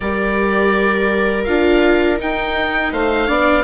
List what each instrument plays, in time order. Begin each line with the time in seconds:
0.00 bassoon G3, viola G4 A#4, oboe D5
1.44 bassoon D4, viola F4, oboe F5
2.18 viola D#4, bassoon D#4, oboe G5
2.92 bassoon A3, viola C5, oboe F5
3.27 bassoon B3, viola D4 D5